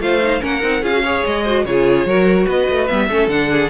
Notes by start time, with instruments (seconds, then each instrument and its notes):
0.00 cello A3, viola F4, violin C5 F5
0.23 viola D#4
0.41 cello A#3, viola C#4, violin A#4 F#5
0.62 cello C4, viola D#4
0.83 cello C#4, viola F4, violin G#4 F5
0.93 viola F#4
1.04 viola G#4, violin C#5
1.26 cello G#3, violin D#5
1.44 viola F#4, violin C5
1.65 cello C#3, viola F4, violin G#4 C#5
2.05 cello F#3, viola F#4, violin A#4
2.46 cello B3, violin B4 D#5
2.69 cello A3
2.88 cello G3, viola B3, violin E5
3.09 cello A3, viola C#4, violin A4
3.28 cello D3, viola D4, violin F#5
3.52 violin G#4